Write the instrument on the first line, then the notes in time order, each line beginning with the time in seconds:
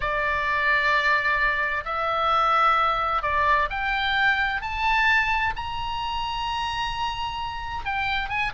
oboe
0.00 D5
1.85 E5
3.22 D5
3.70 G5
4.61 A5
5.56 A#5
7.85 G5
8.29 G#5